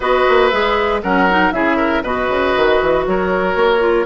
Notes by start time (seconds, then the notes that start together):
0.00 B3 F#4 B4 D#5
0.28 A#3
0.49 G#3 G#4 E5
1.02 F#3 C#4 A#4 F#5
1.29 D#4
1.51 C#3 E4 G#4 E5
1.76 A#4
2.02 B2 F#4 B4 D#5
2.29 C#3
2.56 D#3
2.81 E3
3.06 F#3 A#4 C#5
3.55 A#3
3.79 F4